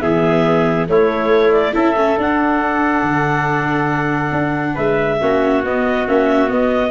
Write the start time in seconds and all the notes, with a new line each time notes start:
0.00 E3 B3 G#4 E5
0.88 A3 E4 C#5
1.52 D5
1.73 C#4 E4 A4 E5
1.95 A3 C#4
2.18 D4 F#5
3.03 D3
4.31 D4
4.74 G#3 B4 E5
5.21 A#3 C#4 F#4
5.63 B3 D#5
6.07 A#3 C#4 E5
6.48 B3 D#5